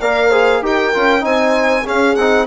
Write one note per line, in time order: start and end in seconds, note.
0.00 0.61 A#3
0.00 0.31 A#4
0.00 0.29 D5
0.00 0.62 F5
0.29 0.62 G#4
0.29 0.60 C5
0.61 0.92 D#4
0.61 0.93 G4
0.61 1.24 A#4
0.61 1.25 G5
0.93 1.24 C#4
0.93 1.20 F4
1.20 1.86 C4
1.20 1.82 D#4
1.20 1.85 C5
1.20 1.86 G#5
1.85 2.16 C#4
1.85 2.46 G#4
1.85 2.15 F5
2.15 2.47 C4
2.15 2.47 D#4
2.15 2.46 F#5